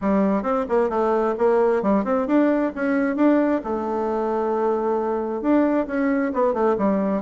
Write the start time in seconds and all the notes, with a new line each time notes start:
0.01 G3
0.42 C4
0.68 A#3
0.89 A3
1.37 A#3
1.82 G3
2.04 C4
2.27 D4
2.75 C#4
3.16 D4
3.64 A3
5.41 D4
5.86 C#4
6.33 B3
6.53 A3
6.78 G3